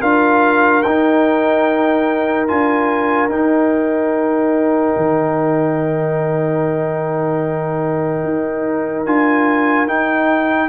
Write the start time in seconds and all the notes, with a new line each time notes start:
0.00 D4 F4 A#4 F5
0.82 D#4 G5
2.48 D4 F4 G#5
3.29 D#4 G5
4.97 D#3
8.24 D#4
9.06 D4 F4 G#5
9.87 D#4 G5